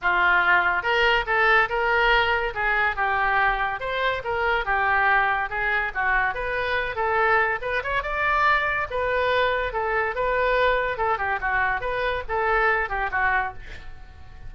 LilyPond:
\new Staff \with { instrumentName = "oboe" } { \time 4/4 \tempo 4 = 142 f'2 ais'4 a'4 | ais'2 gis'4 g'4~ | g'4 c''4 ais'4 g'4~ | g'4 gis'4 fis'4 b'4~ |
b'8 a'4. b'8 cis''8 d''4~ | d''4 b'2 a'4 | b'2 a'8 g'8 fis'4 | b'4 a'4. g'8 fis'4 | }